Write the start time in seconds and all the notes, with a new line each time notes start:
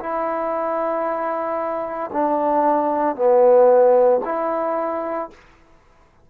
0.00 E4
2.13 D4
3.16 B3
4.25 E4